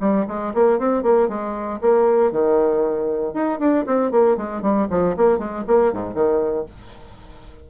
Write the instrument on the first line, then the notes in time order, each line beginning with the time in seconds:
bassoon
0.00 G3
0.28 G#3
0.54 A#3
0.79 C4
1.03 A#3
1.28 G#3
1.81 A#3
2.31 D#3
3.34 D#4
3.59 D4
3.86 C4
4.11 A#3
4.37 G#3
4.62 G3
4.90 F3
5.17 A#3
5.38 G#3
5.67 A#3
5.93 G#2
6.14 D#3